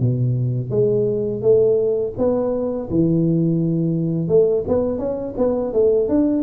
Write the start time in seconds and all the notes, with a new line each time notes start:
0.00 B2
0.71 G#3
1.42 A3
2.18 B3
2.91 E3
4.29 A3
4.68 B3
4.99 C#4
5.38 B3
5.73 A3
6.09 D4